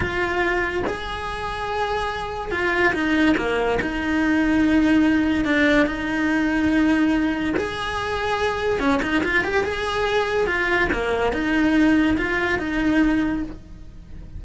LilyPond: \new Staff \with { instrumentName = "cello" } { \time 4/4 \tempo 4 = 143 f'2 gis'2~ | gis'2 f'4 dis'4 | ais4 dis'2.~ | dis'4 d'4 dis'2~ |
dis'2 gis'2~ | gis'4 cis'8 dis'8 f'8 g'8 gis'4~ | gis'4 f'4 ais4 dis'4~ | dis'4 f'4 dis'2 | }